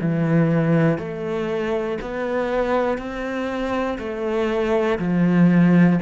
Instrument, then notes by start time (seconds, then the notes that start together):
cello
0.00 E3
0.98 A3
2.01 B3
2.98 C4
3.99 A3
4.99 F3